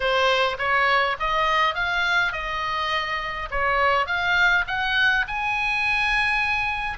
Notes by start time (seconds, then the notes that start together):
0.00 C5
0.58 C#5
1.19 D#5
1.74 F5
2.32 D#5
3.50 C#5
4.06 F5
4.67 F#5
5.27 G#5